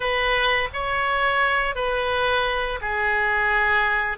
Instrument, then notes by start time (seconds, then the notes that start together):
oboe
0.00 B4
0.73 C#5
1.75 B4
2.81 G#4